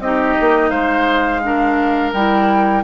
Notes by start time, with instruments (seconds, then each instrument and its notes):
0.00 bassoon C4, clarinet D#4, oboe G4, flute D#5
0.41 bassoon A#3
0.70 bassoon G#3, oboe C5, flute F5
1.43 clarinet D4, oboe A#4
2.13 bassoon G3, clarinet E4, flute G5